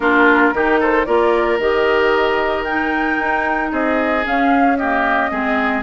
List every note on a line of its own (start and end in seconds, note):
0.00 0.51 A#3
0.00 0.54 D4
0.00 0.54 F4
0.00 0.78 A#4
0.53 1.06 D#3
0.53 1.06 D#4
0.53 0.80 G4
0.80 1.06 A4
0.80 1.05 C5
1.05 1.58 A#3
1.05 1.59 F4
1.05 3.71 A#4
1.05 1.58 D5
1.58 3.17 D#3
1.58 2.66 G4
1.58 2.64 D#5
2.64 4.23 D#4
2.64 3.70 G5
3.20 3.72 D#4
3.71 4.25 C4
3.71 4.77 G#4
3.71 4.25 D#5
4.23 4.76 C#4
4.23 5.31 C#4
4.23 4.77 F5
4.77 5.30 A#3
4.77 5.30 G4
4.77 5.83 D#5
5.30 5.83 G#3
5.30 5.83 C4
5.30 5.83 G#4